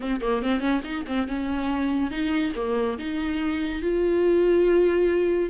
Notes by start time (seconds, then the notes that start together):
0.00 C4
0.21 A#3
0.42 C4
0.60 C#4
0.84 D#4
1.06 C4
1.27 C#4
2.10 D#4
2.55 A#3
2.98 D#4
3.82 F4